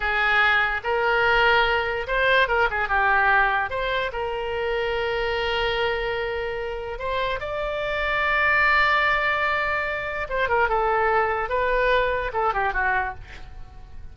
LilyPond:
\new Staff \with { instrumentName = "oboe" } { \time 4/4 \tempo 4 = 146 gis'2 ais'2~ | ais'4 c''4 ais'8 gis'8 g'4~ | g'4 c''4 ais'2~ | ais'1~ |
ais'4 c''4 d''2~ | d''1~ | d''4 c''8 ais'8 a'2 | b'2 a'8 g'8 fis'4 | }